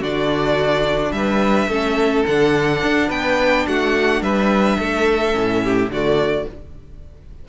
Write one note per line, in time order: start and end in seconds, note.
0.00 1.11 D3
0.00 1.71 D4
0.00 1.12 F#4
0.00 1.12 D5
1.11 1.67 G3
1.11 1.69 B4
1.11 2.24 E5
1.68 2.24 A3
1.68 2.27 C#4
1.68 3.08 A4
2.27 2.83 D3
2.27 5.32 D4
2.27 3.11 F#5
2.83 3.10 D4
3.08 3.66 B3
3.08 3.64 B4
3.08 3.67 G5
3.67 4.21 A3
3.67 4.23 F#4
3.67 4.22 F#5
4.21 4.77 G3
4.21 4.79 B4
4.21 5.91 E5
4.79 5.35 A3
4.79 5.63 A4
5.32 5.89 A2
5.32 5.88 C#4
5.64 5.92 G4
5.89 6.45 D3
5.89 6.49 A3
5.89 6.48 F#4
5.89 6.48 D5